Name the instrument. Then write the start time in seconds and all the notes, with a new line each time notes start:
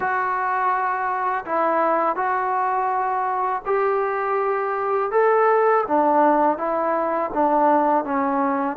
trombone
0.00 F#4
1.45 E4
2.16 F#4
3.65 G4
5.11 A4
5.87 D4
6.57 E4
7.33 D4
8.04 C#4